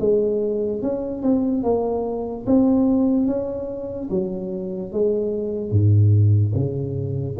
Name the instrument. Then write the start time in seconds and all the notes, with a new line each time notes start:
tuba
0.00 G#3
0.82 C#4
1.23 C4
1.63 A#3
2.46 C4
3.27 C#4
4.10 F#3
4.92 G#3
5.71 G#2
6.55 C#3